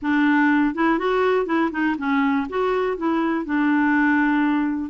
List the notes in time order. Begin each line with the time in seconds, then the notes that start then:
0.02 D4
0.74 E4
0.98 F#4
1.46 E4
1.71 D#4
1.98 C#4
2.49 F#4
2.97 E4
3.45 D4